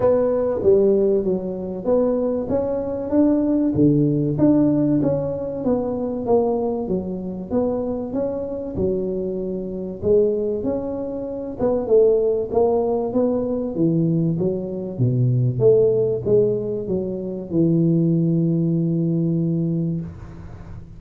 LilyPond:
\new Staff \with { instrumentName = "tuba" } { \time 4/4 \tempo 4 = 96 b4 g4 fis4 b4 | cis'4 d'4 d4 d'4 | cis'4 b4 ais4 fis4 | b4 cis'4 fis2 |
gis4 cis'4. b8 a4 | ais4 b4 e4 fis4 | b,4 a4 gis4 fis4 | e1 | }